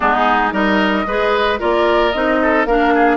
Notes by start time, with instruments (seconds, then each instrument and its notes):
0.00 bassoon G#3, clarinet B3, oboe D#4, flute G#4
0.51 bassoon G3, clarinet D#4, oboe A#4, flute D#5
1.06 bassoon G#3, clarinet G#4, oboe B4
1.58 bassoon A#3, clarinet F4, oboe A#4, flute D5
2.12 bassoon C4, clarinet D#4, flute D#5
2.42 oboe A4
2.65 bassoon A#3, clarinet D4, oboe A#4, flute F5
2.94 oboe G#4